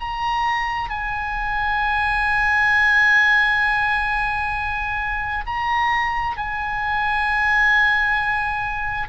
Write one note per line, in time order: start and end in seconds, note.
0.00 0.90 A#5
0.90 5.44 G#5
5.46 6.37 A#5
6.37 9.08 G#5